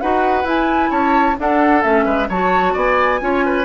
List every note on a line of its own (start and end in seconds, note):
0.00 0.44 D#4
0.00 0.44 F#4
0.00 0.90 B4
0.00 0.46 F#5
0.44 0.90 E4
0.44 1.36 E4
0.44 0.91 G#5
0.90 1.36 C#4
0.90 1.35 C#5
0.90 1.37 A5
1.37 1.81 D4
1.37 1.84 D4
1.37 2.05 A4
1.37 1.82 F#5
1.81 2.05 A3
1.81 2.27 C#4
1.81 2.28 E5
2.05 2.28 G#3
2.05 2.27 B4
2.28 2.74 F#3
2.28 3.20 F#4
2.28 2.73 C#5
2.28 2.76 A5
2.73 3.21 B3
2.73 3.19 D5
2.73 3.65 G#5
3.20 3.65 C#4
3.20 3.65 F4
3.20 3.45 C#5
3.45 3.65 B4